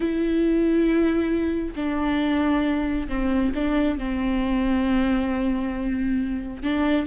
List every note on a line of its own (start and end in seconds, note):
0.00 1.74 E4
1.75 3.08 D4
3.08 3.52 C4
3.55 3.98 D4
3.98 6.63 C4
6.63 7.06 D4